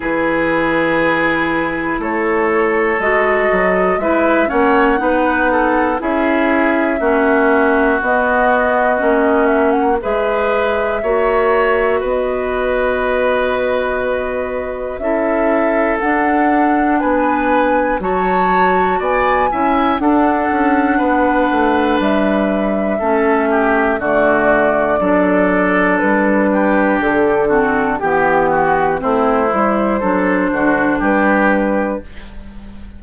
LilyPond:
<<
  \new Staff \with { instrumentName = "flute" } { \time 4/4 \tempo 4 = 60 b'2 cis''4 dis''4 | e''8 fis''4. e''2 | dis''4. e''16 fis''16 e''2 | dis''2. e''4 |
fis''4 gis''4 a''4 gis''4 | fis''2 e''2 | d''2 b'4 a'4 | g'4 c''2 b'4 | }
  \new Staff \with { instrumentName = "oboe" } { \time 4/4 gis'2 a'2 | b'8 cis''8 b'8 a'8 gis'4 fis'4~ | fis'2 b'4 cis''4 | b'2. a'4~ |
a'4 b'4 cis''4 d''8 e''8 | a'4 b'2 a'8 g'8 | fis'4 a'4. g'4 fis'8 | g'8 fis'8 e'4 a'8 fis'8 g'4 | }
  \new Staff \with { instrumentName = "clarinet" } { \time 4/4 e'2. fis'4 | e'8 cis'8 dis'4 e'4 cis'4 | b4 cis'4 gis'4 fis'4~ | fis'2. e'4 |
d'2 fis'4. e'8 | d'2. cis'4 | a4 d'2~ d'8 c'8 | b4 c'8 e'8 d'2 | }
  \new Staff \with { instrumentName = "bassoon" } { \time 4/4 e2 a4 gis8 fis8 | gis8 ais8 b4 cis'4 ais4 | b4 ais4 gis4 ais4 | b2. cis'4 |
d'4 b4 fis4 b8 cis'8 | d'8 cis'8 b8 a8 g4 a4 | d4 fis4 g4 d4 | e4 a8 g8 fis8 d8 g4 | }
>>